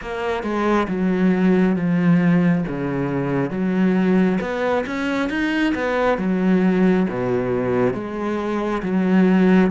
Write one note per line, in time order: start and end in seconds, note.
0.01 0.43 A#3
0.43 0.87 G#3
0.88 1.76 F#3
1.76 2.64 F3
2.68 3.50 C#3
3.50 4.38 F#3
4.40 4.84 B3
4.86 5.29 C#4
5.29 5.74 D#4
5.74 6.18 B3
6.18 7.06 F#3
7.09 7.93 B2
7.93 8.82 G#3
8.82 9.70 F#3